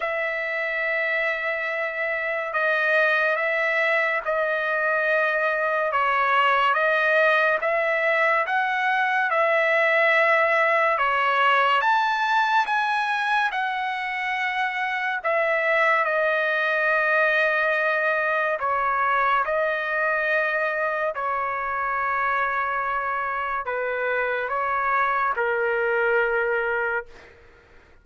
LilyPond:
\new Staff \with { instrumentName = "trumpet" } { \time 4/4 \tempo 4 = 71 e''2. dis''4 | e''4 dis''2 cis''4 | dis''4 e''4 fis''4 e''4~ | e''4 cis''4 a''4 gis''4 |
fis''2 e''4 dis''4~ | dis''2 cis''4 dis''4~ | dis''4 cis''2. | b'4 cis''4 ais'2 | }